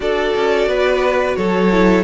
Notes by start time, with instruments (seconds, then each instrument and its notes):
0.00 cello D4, viola F#4, violin A4 D5
0.35 cello C#4
0.67 cello B3, violin B4
1.36 cello F#3, violin A4 C#5
1.71 viola E4